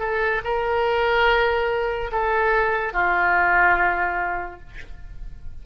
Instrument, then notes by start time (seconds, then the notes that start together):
oboe
0.00 A4
0.45 A#4
2.12 A4
2.94 F4